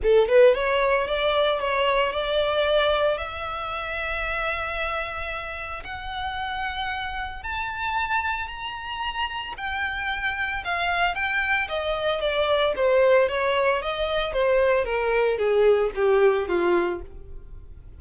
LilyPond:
\new Staff \with { instrumentName = "violin" } { \time 4/4 \tempo 4 = 113 a'8 b'8 cis''4 d''4 cis''4 | d''2 e''2~ | e''2. fis''4~ | fis''2 a''2 |
ais''2 g''2 | f''4 g''4 dis''4 d''4 | c''4 cis''4 dis''4 c''4 | ais'4 gis'4 g'4 f'4 | }